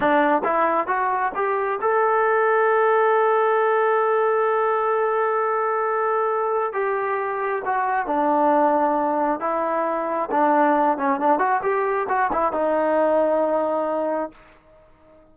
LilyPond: \new Staff \with { instrumentName = "trombone" } { \time 4/4 \tempo 4 = 134 d'4 e'4 fis'4 g'4 | a'1~ | a'1~ | a'2. g'4~ |
g'4 fis'4 d'2~ | d'4 e'2 d'4~ | d'8 cis'8 d'8 fis'8 g'4 fis'8 e'8 | dis'1 | }